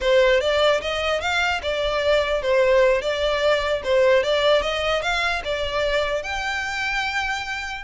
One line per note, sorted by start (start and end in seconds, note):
0.00 0.40 C5
0.40 0.81 D5
0.81 1.21 D#5
1.21 1.61 F5
1.62 2.41 D5
2.41 3.01 C5
3.01 3.82 D5
3.83 4.23 C5
4.23 4.62 D5
4.62 5.02 D#5
5.02 5.42 F5
5.44 6.23 D5
6.23 7.84 G5